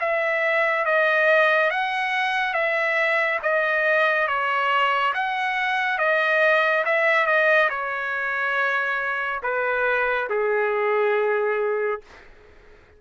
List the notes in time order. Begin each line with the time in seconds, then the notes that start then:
0.00 E5
0.85 D#5
1.71 F#5
2.54 E5
3.42 D#5
4.28 C#5
5.14 F#5
5.98 D#5
6.85 E5
7.26 D#5
7.69 C#5
9.43 B4
10.30 G#4